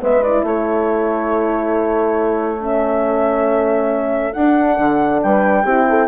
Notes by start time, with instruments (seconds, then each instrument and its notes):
0.00 bassoon G#3, horn B3 B4, flute E5
0.22 horn E4, flute D5
0.43 bassoon A3, horn A4, flute C#5
2.60 horn C#4, flute E5
4.33 bassoon D4, horn D4, flute F#5
4.78 bassoon D3
5.23 bassoon G3, horn B4, flute G5
5.64 bassoon C4, horn E4 G4
5.89 horn A4